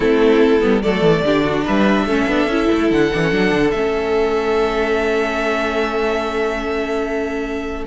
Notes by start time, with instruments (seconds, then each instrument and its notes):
0.00 cello A3, viola C4, violin E4 A4
0.60 cello G3, viola B3
0.82 cello F#3, viola A3, violin A4 D5
1.01 cello E3
1.23 cello D3, viola D4, violin G4
1.44 violin F#4
1.64 cello G3, violin B4 E5
2.06 cello A3, viola C#4, violin A4
2.27 cello B3, viola D4
2.46 cello C#4, viola E4
2.71 cello A3
2.90 cello D3, violin F#5
3.12 cello E3, viola D4
3.21 viola C#4
3.31 cello F#3, viola D4
3.51 cello D3
3.71 cello A3, viola C#4, violin E5